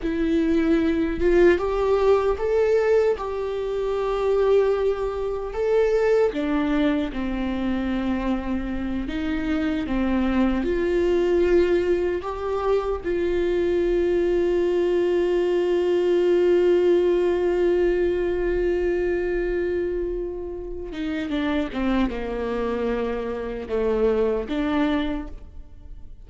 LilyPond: \new Staff \with { instrumentName = "viola" } { \time 4/4 \tempo 4 = 76 e'4. f'8 g'4 a'4 | g'2. a'4 | d'4 c'2~ c'8 dis'8~ | dis'8 c'4 f'2 g'8~ |
g'8 f'2.~ f'8~ | f'1~ | f'2~ f'8 dis'8 d'8 c'8 | ais2 a4 d'4 | }